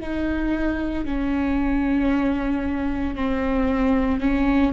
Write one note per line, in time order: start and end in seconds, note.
0.00 1.05 D#4
1.05 3.15 C#4
3.15 4.20 C4
4.20 4.73 C#4